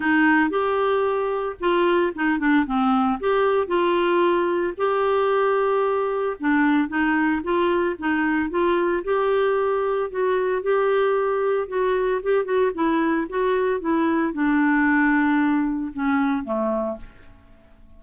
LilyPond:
\new Staff \with { instrumentName = "clarinet" } { \time 4/4 \tempo 4 = 113 dis'4 g'2 f'4 | dis'8 d'8 c'4 g'4 f'4~ | f'4 g'2. | d'4 dis'4 f'4 dis'4 |
f'4 g'2 fis'4 | g'2 fis'4 g'8 fis'8 | e'4 fis'4 e'4 d'4~ | d'2 cis'4 a4 | }